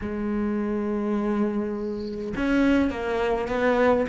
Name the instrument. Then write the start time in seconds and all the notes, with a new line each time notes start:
cello
0.01 G#3
2.36 C#4
2.90 A#3
3.48 B3